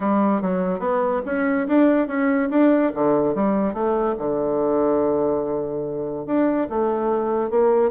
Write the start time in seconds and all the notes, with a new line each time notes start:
0.00 G3
0.41 F#3
0.79 B3
1.25 C#4
1.67 D4
2.07 C#4
2.50 D4
2.94 D3
3.34 G3
3.73 A3
4.18 D3
6.26 D4
6.69 A3
7.50 A#3